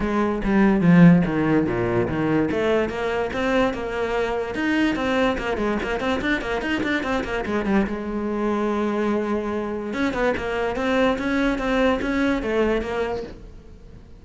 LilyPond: \new Staff \with { instrumentName = "cello" } { \time 4/4 \tempo 4 = 145 gis4 g4 f4 dis4 | ais,4 dis4 a4 ais4 | c'4 ais2 dis'4 | c'4 ais8 gis8 ais8 c'8 d'8 ais8 |
dis'8 d'8 c'8 ais8 gis8 g8 gis4~ | gis1 | cis'8 b8 ais4 c'4 cis'4 | c'4 cis'4 a4 ais4 | }